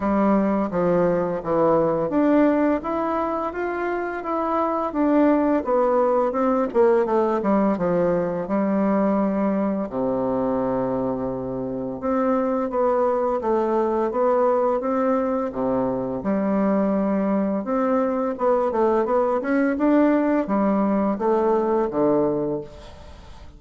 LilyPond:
\new Staff \with { instrumentName = "bassoon" } { \time 4/4 \tempo 4 = 85 g4 f4 e4 d'4 | e'4 f'4 e'4 d'4 | b4 c'8 ais8 a8 g8 f4 | g2 c2~ |
c4 c'4 b4 a4 | b4 c'4 c4 g4~ | g4 c'4 b8 a8 b8 cis'8 | d'4 g4 a4 d4 | }